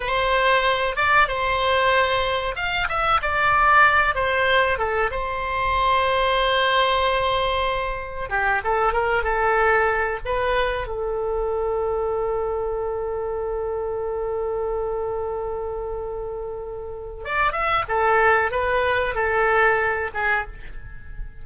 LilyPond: \new Staff \with { instrumentName = "oboe" } { \time 4/4 \tempo 4 = 94 c''4. d''8 c''2 | f''8 e''8 d''4. c''4 a'8 | c''1~ | c''4 g'8 a'8 ais'8 a'4. |
b'4 a'2.~ | a'1~ | a'2. d''8 e''8 | a'4 b'4 a'4. gis'8 | }